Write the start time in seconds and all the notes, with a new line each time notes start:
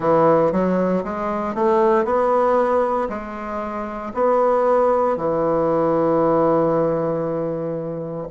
0.00 E3
0.52 F#3
1.03 G#3
1.54 A3
2.05 B3
3.09 G#3
4.14 B3
5.16 E3